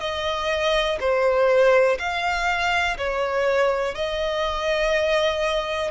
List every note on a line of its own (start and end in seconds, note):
0.00 0.98 D#5
1.00 1.98 C5
1.99 2.97 F5
2.98 3.95 C#5
3.95 5.91 D#5